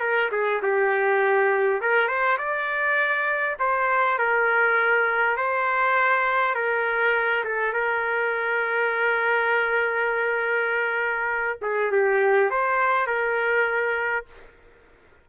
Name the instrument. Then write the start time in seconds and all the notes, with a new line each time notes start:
trumpet
0.00 A#4
0.32 G#4
0.62 G4
1.81 A#4
2.08 C5
2.38 D5
3.59 C5
4.18 A#4
5.37 C5
6.55 A#4
7.44 A4
7.73 A#4
11.62 G#4
11.91 G4
12.50 C5
13.07 A#4